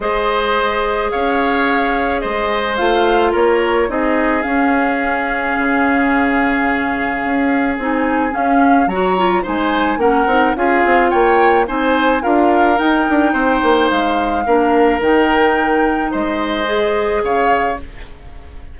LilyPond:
<<
  \new Staff \with { instrumentName = "flute" } { \time 4/4 \tempo 4 = 108 dis''2 f''2 | dis''4 f''4 cis''4 dis''4 | f''1~ | f''2 gis''4 f''4 |
ais''4 gis''4 fis''4 f''4 | g''4 gis''4 f''4 g''4~ | g''4 f''2 g''4~ | g''4 dis''2 f''4 | }
  \new Staff \with { instrumentName = "oboe" } { \time 4/4 c''2 cis''2 | c''2 ais'4 gis'4~ | gis'1~ | gis'1 |
cis''4 c''4 ais'4 gis'4 | cis''4 c''4 ais'2 | c''2 ais'2~ | ais'4 c''2 cis''4 | }
  \new Staff \with { instrumentName = "clarinet" } { \time 4/4 gis'1~ | gis'4 f'2 dis'4 | cis'1~ | cis'2 dis'4 cis'4 |
fis'8 f'8 dis'4 cis'8 dis'8 f'4~ | f'4 dis'4 f'4 dis'4~ | dis'2 d'4 dis'4~ | dis'2 gis'2 | }
  \new Staff \with { instrumentName = "bassoon" } { \time 4/4 gis2 cis'2 | gis4 a4 ais4 c'4 | cis'2 cis2~ | cis4 cis'4 c'4 cis'4 |
fis4 gis4 ais8 c'8 cis'8 c'8 | ais4 c'4 d'4 dis'8 d'8 | c'8 ais8 gis4 ais4 dis4~ | dis4 gis2 cis4 | }
>>